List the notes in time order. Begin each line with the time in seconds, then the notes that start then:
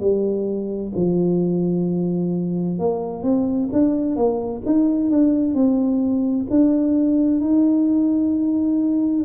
0.00 G3
0.96 F3
2.79 A#3
3.23 C4
3.73 D4
4.16 A#3
4.66 D#4
5.11 D4
5.55 C4
6.50 D4
7.41 D#4